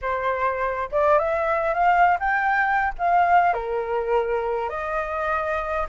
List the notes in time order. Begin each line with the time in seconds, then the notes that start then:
0.01 C5
0.91 D5
1.18 E5
1.74 F5
2.19 G5
2.98 F5
3.53 A#4
4.69 D#5